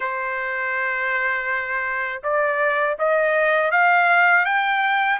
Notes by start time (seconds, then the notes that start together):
0.00 C5
2.23 D5
2.98 D#5
3.71 F5
4.45 G5